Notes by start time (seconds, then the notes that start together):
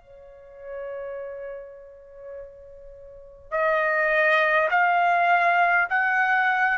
0.00 C#5
3.51 D#5
4.70 F5
5.89 F#5